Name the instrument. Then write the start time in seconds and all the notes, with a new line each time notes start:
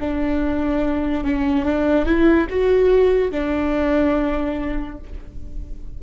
viola
0.00 D4
1.24 C#4
1.65 D4
2.06 E4
2.50 F#4
3.31 D4